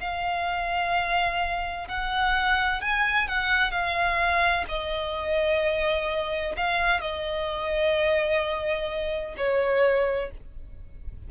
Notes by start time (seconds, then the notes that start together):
0.00 F5
1.87 F#5
2.81 G#5
3.27 F#5
3.71 F5
4.68 D#5
6.57 F5
7.01 D#5
9.37 C#5